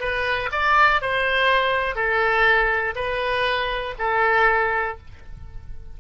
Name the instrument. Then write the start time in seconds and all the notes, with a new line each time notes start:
oboe
0.00 B4
0.52 D5
1.02 C5
1.96 A4
2.96 B4
3.99 A4